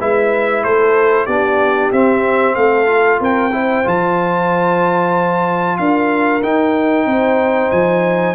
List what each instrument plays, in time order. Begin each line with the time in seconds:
0.00 tuba G#3, trombone E4, horn B4, trumpet E5
0.64 tuba A3, horn A4, trumpet C5
1.26 tuba B3, trombone D4, horn G4, trumpet D5
1.92 tuba C4, trombone C4, trumpet E5
2.55 tuba A3, horn A4, trumpet F5
2.87 trombone F4
3.20 tuba C4, horn A#4, trumpet G5
3.53 trombone E4, horn C5
3.84 tuba F3, trombone F4, trumpet A5
5.78 tuba D4, horn A#4, trumpet F5
6.43 tuba D#4, trombone D#4, trumpet G5
7.06 tuba C4, horn C5
7.72 tuba F3, trumpet G#5